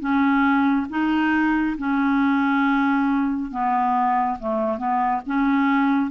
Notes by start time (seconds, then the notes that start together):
0.00 C#4
0.90 D#4
1.78 C#4
3.51 B3
4.40 A3
4.78 B3
5.26 C#4